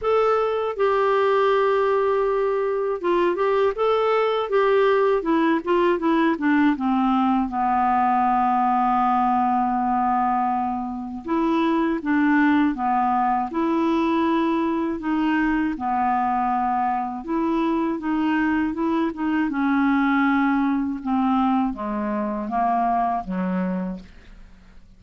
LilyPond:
\new Staff \with { instrumentName = "clarinet" } { \time 4/4 \tempo 4 = 80 a'4 g'2. | f'8 g'8 a'4 g'4 e'8 f'8 | e'8 d'8 c'4 b2~ | b2. e'4 |
d'4 b4 e'2 | dis'4 b2 e'4 | dis'4 e'8 dis'8 cis'2 | c'4 gis4 ais4 fis4 | }